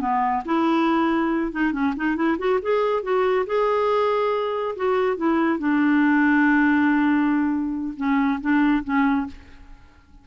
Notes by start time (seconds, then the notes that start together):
0.00 B3
0.45 E4
1.52 D#4
1.72 C#4
1.96 D#4
2.16 E4
2.38 F#4
2.62 G#4
3.03 F#4
3.46 G#4
4.76 F#4
5.17 E4
5.58 D4
7.97 C#4
8.41 D4
8.84 C#4